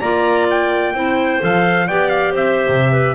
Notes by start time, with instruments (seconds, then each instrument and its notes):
0.00 double bass A#3, clarinet F4 D5, trumpet A#5
0.50 trumpet G5
0.94 double bass C4, clarinet E4 C5
1.40 double bass F3, clarinet A4, trumpet F5
1.88 double bass B3, clarinet G4 D5, trumpet G5
2.09 trumpet F5
2.33 double bass C4, clarinet C5, trumpet E5
2.69 double bass C3
2.92 clarinet B4